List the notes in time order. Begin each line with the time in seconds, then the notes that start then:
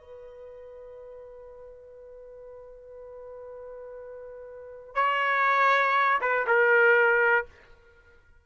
0.00 B4
4.95 C#5
6.21 B4
6.46 A#4